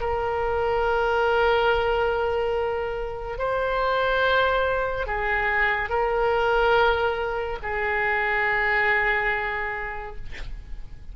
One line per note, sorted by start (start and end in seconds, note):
0.00 3.38 A#4
3.38 5.06 C5
5.06 5.89 G#4
5.89 7.58 A#4
7.62 10.16 G#4